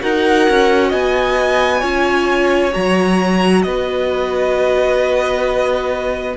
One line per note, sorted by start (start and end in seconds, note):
0.00 0.49 D#4
0.00 1.82 F#4
0.00 0.89 A#4
0.00 0.92 F#5
0.49 0.93 C#4
0.89 1.83 B3
0.89 1.80 D#5
0.89 2.74 G#5
1.80 2.73 C#4
1.80 2.71 F4
1.80 3.61 C#5
2.71 3.65 F#3
2.71 6.34 F#4
2.71 3.62 A#5
3.62 6.37 B3
3.62 6.37 B4
3.62 6.35 D#5